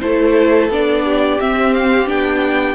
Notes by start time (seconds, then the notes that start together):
0.00 A3 E4 A4 C5
0.69 B3 D4 D5
1.04 G4
1.39 C4 E5
1.73 F5
2.06 B3 D4 G5